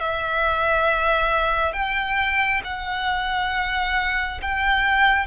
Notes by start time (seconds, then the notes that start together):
0.00 E5
1.73 G5
2.64 F#5
4.42 G5